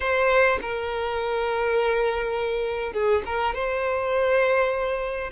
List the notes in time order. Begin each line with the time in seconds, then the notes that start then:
0.00 C5
0.61 A#4
2.93 G#4
3.25 A#4
3.54 C5